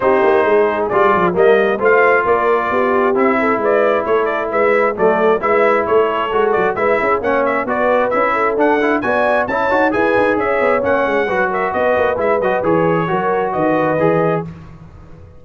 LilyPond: <<
  \new Staff \with { instrumentName = "trumpet" } { \time 4/4 \tempo 4 = 133 c''2 d''4 dis''4 | f''4 d''2 e''4 | d''4 cis''8 d''8 e''4 d''4 | e''4 cis''4. d''8 e''4 |
fis''8 e''8 d''4 e''4 fis''4 | gis''4 a''4 gis''4 e''4 | fis''4. e''8 dis''4 e''8 dis''8 | cis''2 dis''2 | }
  \new Staff \with { instrumentName = "horn" } { \time 4/4 g'4 gis'2 ais'4 | c''4 ais'4 g'4. a'8 | b'4 a'4 b'4 a'4 | b'4 a'2 b'8 gis'8 |
cis''4 b'4. a'4. | d''4 cis''4 b'4 cis''4~ | cis''4 b'8 ais'8 b'2~ | b'4 ais'4 b'2 | }
  \new Staff \with { instrumentName = "trombone" } { \time 4/4 dis'2 f'4 ais4 | f'2. e'4~ | e'2. a4 | e'2 fis'4 e'4 |
cis'4 fis'4 e'4 d'8 e'8 | fis'4 e'8 fis'8 gis'2 | cis'4 fis'2 e'8 fis'8 | gis'4 fis'2 gis'4 | }
  \new Staff \with { instrumentName = "tuba" } { \time 4/4 c'8 ais8 gis4 g8 f8 g4 | a4 ais4 b4 c'4 | gis4 a4 gis4 fis4 | gis4 a4 gis8 fis8 gis8 cis'8 |
ais4 b4 cis'4 d'4 | b4 cis'8 dis'8 e'8 dis'8 cis'8 b8 | ais8 gis8 fis4 b8 ais8 gis8 fis8 | e4 fis4 dis4 e4 | }
>>